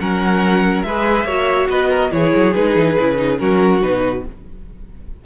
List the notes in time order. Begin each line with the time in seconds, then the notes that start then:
0.00 F#3 C#4 A#4 F#5
0.83 G#3 G#4 B4 E5
1.24 A#3 F#4 C#5
1.69 B3 B4 D#5
1.90 A#4
2.11 E3 E4 G#4 C#5
2.36 F#3
2.54 G#3 D#4 B4
2.76 E3
2.99 C#3 E4
3.17 D#4
3.38 F#3 C#4 F#4 A#4
3.82 B2 D#4 B4